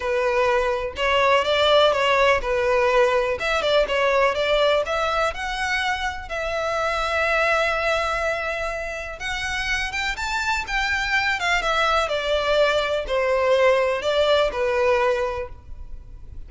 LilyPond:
\new Staff \with { instrumentName = "violin" } { \time 4/4 \tempo 4 = 124 b'2 cis''4 d''4 | cis''4 b'2 e''8 d''8 | cis''4 d''4 e''4 fis''4~ | fis''4 e''2.~ |
e''2. fis''4~ | fis''8 g''8 a''4 g''4. f''8 | e''4 d''2 c''4~ | c''4 d''4 b'2 | }